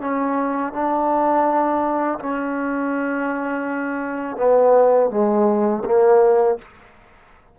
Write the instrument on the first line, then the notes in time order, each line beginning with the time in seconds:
trombone
0.00 C#4
0.72 D4
2.19 C#4
4.36 B3
5.10 G#3
5.85 A#3